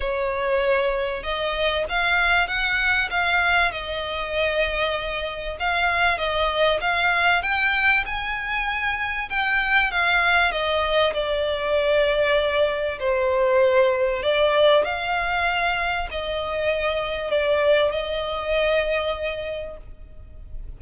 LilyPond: \new Staff \with { instrumentName = "violin" } { \time 4/4 \tempo 4 = 97 cis''2 dis''4 f''4 | fis''4 f''4 dis''2~ | dis''4 f''4 dis''4 f''4 | g''4 gis''2 g''4 |
f''4 dis''4 d''2~ | d''4 c''2 d''4 | f''2 dis''2 | d''4 dis''2. | }